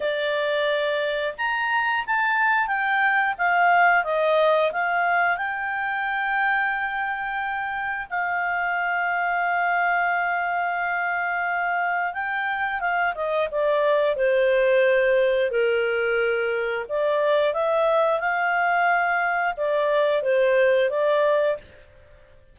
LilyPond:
\new Staff \with { instrumentName = "clarinet" } { \time 4/4 \tempo 4 = 89 d''2 ais''4 a''4 | g''4 f''4 dis''4 f''4 | g''1 | f''1~ |
f''2 g''4 f''8 dis''8 | d''4 c''2 ais'4~ | ais'4 d''4 e''4 f''4~ | f''4 d''4 c''4 d''4 | }